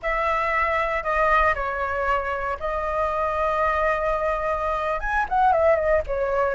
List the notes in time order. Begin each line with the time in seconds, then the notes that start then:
0.02 E5
1.03 D#5
1.55 C#5
2.59 D#5
5.00 G#5
5.28 F#5
5.52 E5
5.75 D#5
6.07 C#5